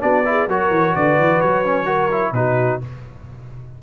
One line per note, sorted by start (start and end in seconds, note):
0.00 0.47 B3
0.00 0.23 D4
0.00 0.25 F#4
0.00 0.48 D5
0.25 0.48 E4
0.25 0.48 G#4
0.47 0.70 F#3
0.47 1.65 F#4
0.47 0.95 A#4
0.47 0.96 C#5
0.70 0.93 E3
0.95 1.19 D3
0.95 1.85 B4
0.95 1.41 D5
1.19 1.42 E3
1.41 2.32 F#3
1.41 2.34 C#5
1.65 1.86 C#4
1.85 2.09 F#4
1.85 2.32 A#4
2.11 2.35 E4
2.32 2.78 B2
2.32 2.81 D#4
2.32 2.82 F#4
2.32 2.80 B4